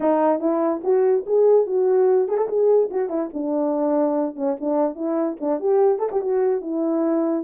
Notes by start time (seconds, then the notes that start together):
0.00 D#4
0.40 E4
0.83 F#4
1.26 G#4
1.66 F#4
2.28 G#4
2.37 A4
2.48 G#4
2.90 F#4
3.09 E4
3.33 D4
4.35 C#4
4.60 D4
4.95 E4
5.40 D4
5.60 G4
5.98 A4
6.11 G4
6.21 F#4
6.61 E4